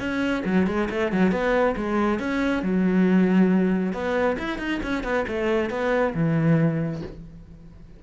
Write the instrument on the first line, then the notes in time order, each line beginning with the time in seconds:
cello
0.00 C#4
0.46 F#3
0.67 G#3
0.91 A3
1.12 F#3
1.32 B3
1.77 G#3
2.20 C#4
2.63 F#3
3.93 B3
4.39 E4
4.59 D#4
4.83 C#4
5.04 B3
5.28 A3
5.70 B3
6.15 E3